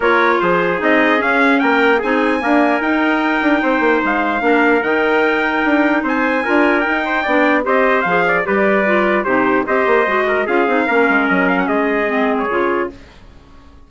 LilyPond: <<
  \new Staff \with { instrumentName = "trumpet" } { \time 4/4 \tempo 4 = 149 cis''4 c''4 dis''4 f''4 | g''4 gis''2 g''4~ | g''2 f''2 | g''2. gis''4~ |
gis''4 g''2 dis''4 | f''4 d''2 c''4 | dis''2 f''2 | dis''8 f''16 fis''16 dis''4.~ dis''16 cis''4~ cis''16 | }
  \new Staff \with { instrumentName = "trumpet" } { \time 4/4 ais'4 gis'2. | ais'4 gis'4 ais'2~ | ais'4 c''2 ais'4~ | ais'2. c''4 |
ais'4. c''8 d''4 c''4~ | c''8 d''8 b'2 g'4 | c''4. ais'8 gis'4 ais'4~ | ais'4 gis'2. | }
  \new Staff \with { instrumentName = "clarinet" } { \time 4/4 f'2 dis'4 cis'4~ | cis'4 dis'4 ais4 dis'4~ | dis'2. d'4 | dis'1 |
f'4 dis'4 d'4 g'4 | gis'4 g'4 f'4 dis'4 | g'4 fis'4 f'8 dis'8 cis'4~ | cis'2 c'4 f'4 | }
  \new Staff \with { instrumentName = "bassoon" } { \time 4/4 ais4 f4 c'4 cis'4 | ais4 c'4 d'4 dis'4~ | dis'8 d'8 c'8 ais8 gis4 ais4 | dis2 d'4 c'4 |
d'4 dis'4 b4 c'4 | f4 g2 c4 | c'8 ais8 gis4 cis'8 c'8 ais8 gis8 | fis4 gis2 cis4 | }
>>